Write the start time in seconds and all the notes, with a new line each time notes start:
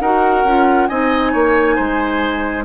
0.00 D#4 F#4 A#4 F#5
0.43 C#4 F4
0.87 C4 D#4 D#5 G#5
1.32 A#3 C#5
1.75 G#3 C5